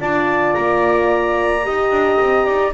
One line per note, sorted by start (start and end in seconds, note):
0.00 0.55 D4
0.00 1.63 F4
0.00 1.65 D5
0.00 0.53 A5
0.53 1.67 A#3
0.53 2.73 A#5
1.63 1.91 D#4
1.63 2.73 G4
1.63 2.45 D#5
1.91 2.18 D4
2.21 2.47 C4
2.45 2.74 D#4
2.45 2.73 D5